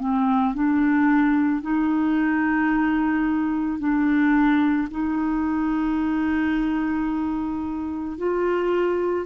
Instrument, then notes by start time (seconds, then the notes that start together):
clarinet
0.00 C4
0.55 D4
1.62 D#4
3.79 D4
4.91 D#4
8.18 F4